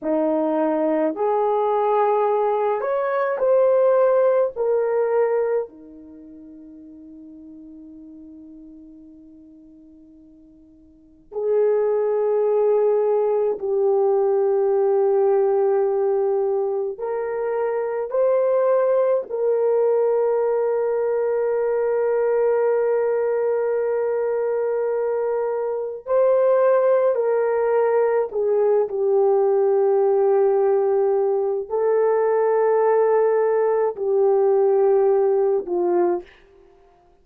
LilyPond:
\new Staff \with { instrumentName = "horn" } { \time 4/4 \tempo 4 = 53 dis'4 gis'4. cis''8 c''4 | ais'4 dis'2.~ | dis'2 gis'2 | g'2. ais'4 |
c''4 ais'2.~ | ais'2. c''4 | ais'4 gis'8 g'2~ g'8 | a'2 g'4. f'8 | }